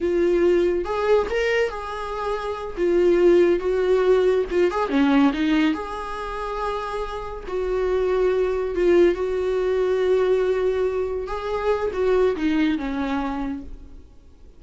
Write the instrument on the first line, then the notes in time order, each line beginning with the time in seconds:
viola
0.01 F4
0.84 G#4
1.30 A#4
1.69 G#4
2.77 F4
3.59 F#4
4.50 F4
4.70 G#4
4.89 C#4
5.33 D#4
5.73 G#4
7.47 F#4
8.75 F4
9.14 F#4
11.27 G#4
11.93 F#4
12.36 D#4
12.78 C#4